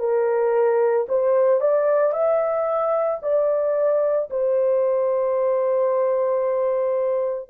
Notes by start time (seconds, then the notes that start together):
0.00 A#4
1.09 C5
1.61 D5
2.13 E5
3.23 D5
4.31 C5